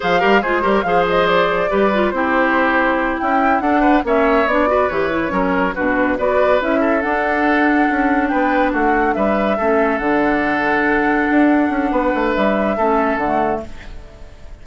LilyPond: <<
  \new Staff \with { instrumentName = "flute" } { \time 4/4 \tempo 4 = 141 f''4 c''4 f''8 dis''8 d''4~ | d''4 c''2~ c''8 g''8~ | g''8 fis''4 e''4 d''4 cis''8~ | cis''4. b'4 d''4 e''8~ |
e''8 fis''2. g''8~ | g''8 fis''4 e''2 fis''8~ | fis''1~ | fis''4 e''2 fis''4 | }
  \new Staff \with { instrumentName = "oboe" } { \time 4/4 c''8 ais'8 gis'8 ais'8 c''2 | b'4 g'2~ g'8 e'8~ | e'8 a'8 b'8 cis''4. b'4~ | b'8 ais'4 fis'4 b'4. |
a'2.~ a'8 b'8~ | b'8 fis'4 b'4 a'4.~ | a'1 | b'2 a'2 | }
  \new Staff \with { instrumentName = "clarinet" } { \time 4/4 gis'8 g'8 f'8 g'8 gis'2 | g'8 f'8 e'2.~ | e'8 d'4 cis'4 d'8 fis'8 g'8 | e'8 cis'4 d'4 fis'4 e'8~ |
e'8 d'2.~ d'8~ | d'2~ d'8 cis'4 d'8~ | d'1~ | d'2 cis'4 a4 | }
  \new Staff \with { instrumentName = "bassoon" } { \time 4/4 f8 g8 gis8 g8 f2 | g4 c'2~ c'8 cis'8~ | cis'8 d'4 ais4 b4 e8~ | e8 fis4 b,4 b4 cis'8~ |
cis'8 d'2 cis'4 b8~ | b8 a4 g4 a4 d8~ | d2~ d8 d'4 cis'8 | b8 a8 g4 a4 d4 | }
>>